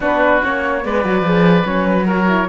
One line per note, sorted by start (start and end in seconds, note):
0.00 0.41 B3
0.00 0.42 D4
0.00 0.82 F#4
0.00 0.44 B4
0.42 0.84 A#3
0.42 0.82 C#4
0.42 0.85 C#5
0.82 1.04 G#3
0.82 1.03 B3
0.82 2.05 B4
0.82 1.66 D5
1.03 1.21 F#3
1.03 1.24 F#4
1.21 1.62 F3
1.21 1.63 G#4
1.63 2.48 F#3
1.63 2.05 C#4
1.63 1.86 C#5
1.86 2.06 B4
2.05 2.27 F#4
2.05 2.47 A#4
2.05 2.48 C#5
2.28 2.48 E4